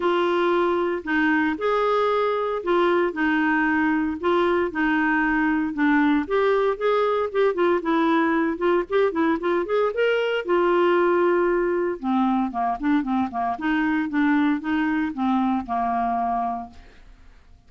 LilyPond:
\new Staff \with { instrumentName = "clarinet" } { \time 4/4 \tempo 4 = 115 f'2 dis'4 gis'4~ | gis'4 f'4 dis'2 | f'4 dis'2 d'4 | g'4 gis'4 g'8 f'8 e'4~ |
e'8 f'8 g'8 e'8 f'8 gis'8 ais'4 | f'2. c'4 | ais8 d'8 c'8 ais8 dis'4 d'4 | dis'4 c'4 ais2 | }